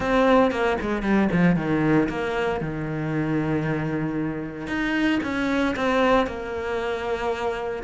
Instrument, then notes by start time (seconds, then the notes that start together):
cello
0.00 C4
0.51 A#3
0.81 G#3
1.02 G3
1.31 F3
1.56 D#3
2.08 A#3
2.60 D#3
4.67 D#4
5.23 C#4
5.76 C4
6.26 A#3